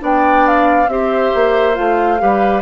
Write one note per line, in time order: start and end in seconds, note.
0.00 0.88 B3
0.00 0.87 D4
0.00 0.90 D5
0.00 0.47 G5
0.47 0.90 F5
0.88 1.31 C4
0.88 1.74 G4
0.88 2.22 C5
0.88 1.75 E5
1.35 1.78 A#3
1.74 2.21 A3
1.74 2.18 F4
1.74 2.62 F5
2.19 2.62 G3
2.19 2.62 G4
2.19 2.62 B4